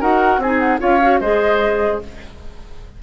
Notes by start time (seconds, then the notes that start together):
0.00 D#4 F#4 A#4 F#5
0.38 C4 G#4 G#5
0.45 D#4
0.59 F#5
0.79 C#4 F4 C#5 F5
1.02 F#4
1.20 G#3 G#4 C5 D#5